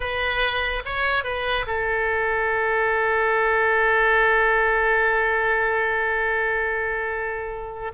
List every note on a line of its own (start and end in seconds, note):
0.00 0.83 B4
0.85 1.23 C#5
1.23 1.65 B4
1.66 7.91 A4